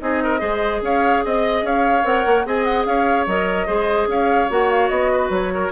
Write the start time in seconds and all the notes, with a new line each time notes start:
0.00 C4 D#4 G#4 D#5
0.24 A#4
0.39 G#3 G#4 C5
0.82 C#4 C#5 F5
1.24 C4 D#5
1.63 C#4 C#5 F5
2.03 C4 A#4 F#5
2.26 A#3
2.45 C4 G#4 D#5 G#5
2.64 F#5
2.85 C#4 C#5 F5
3.27 F#3 A#4 D#5
3.66 G#3 G#4 C5
4.07 C#4 C#5 F5
4.49 A#3 F#4 F#5
4.70 F5
4.89 B3 D#5
5.12 B4
5.30 F#3 C#5
5.54 A#4